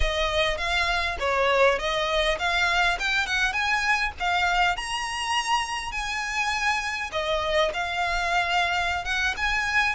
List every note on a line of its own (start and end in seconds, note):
0.00 0.57 D#5
0.57 1.17 F5
1.19 1.78 C#5
1.78 2.38 D#5
2.38 2.98 F5
2.99 3.26 G5
3.26 3.52 F#5
3.52 4.12 G#5
4.19 4.76 F5
4.76 5.91 A#5
5.91 7.10 G#5
7.12 7.71 D#5
7.73 9.05 F5
9.05 9.34 F#5
9.36 9.95 G#5